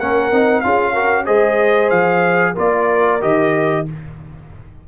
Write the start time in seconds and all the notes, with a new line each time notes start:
0.00 A#3 C#4 A#4 F#5
0.32 C4 D#4
0.61 C#4 F4 G#4 F5
0.93 F#4 A#4
1.26 G#3 G#4 C5 D#5
1.90 F3 F5
2.55 A#3 F4 A#4 D5
3.22 D#3 G4 D#5